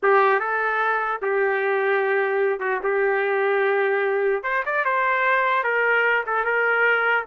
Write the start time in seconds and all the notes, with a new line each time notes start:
0.03 G4
0.39 A4
1.22 G4
2.59 F#4
2.83 G4
4.43 C5
4.65 D5
4.84 C5
5.63 A#4
6.26 A4
6.44 A#4